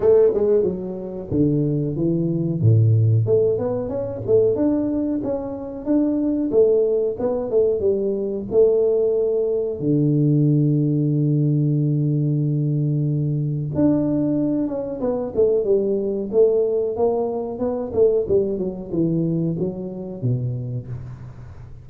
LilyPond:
\new Staff \with { instrumentName = "tuba" } { \time 4/4 \tempo 4 = 92 a8 gis8 fis4 d4 e4 | a,4 a8 b8 cis'8 a8 d'4 | cis'4 d'4 a4 b8 a8 | g4 a2 d4~ |
d1~ | d4 d'4. cis'8 b8 a8 | g4 a4 ais4 b8 a8 | g8 fis8 e4 fis4 b,4 | }